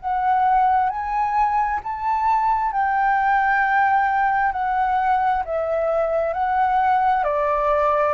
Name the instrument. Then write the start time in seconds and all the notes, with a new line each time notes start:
flute
0.00 F#5
0.89 G#5
1.83 A5
2.72 G5
4.52 F#5
5.45 E5
6.33 F#5
7.24 D5